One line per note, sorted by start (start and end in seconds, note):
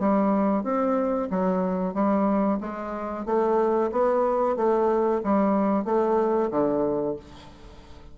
0.00 0.64 G3
0.64 1.29 C4
1.31 1.94 F#3
1.94 2.60 G3
2.61 3.26 G#3
3.26 3.91 A3
3.92 4.57 B3
4.57 5.22 A3
5.24 5.85 G3
5.85 6.50 A3
6.51 7.16 D3